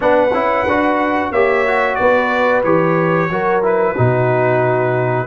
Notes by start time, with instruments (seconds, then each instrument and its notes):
0.00 tuba B3, trombone D4, horn B4, trumpet F#5
0.33 tuba C#4, trombone E4
0.66 tuba D4, trombone F#4
1.30 tuba A#3, trombone G4, horn C#5, trumpet E5
1.67 trombone F#4
1.95 tuba B3, horn B4, trumpet D5
2.64 tuba E3, trombone G4, trumpet C#5
3.30 tuba F#3, trombone F#4, horn A#4
3.62 trombone E4, trumpet B4
3.94 tuba B2, trombone D#4, horn F#4